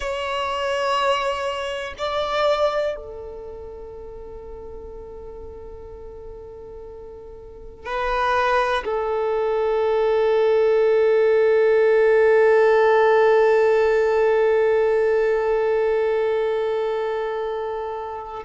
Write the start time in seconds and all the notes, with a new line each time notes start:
0.00 C#5
1.98 D5
2.96 A4
7.85 B4
8.84 A4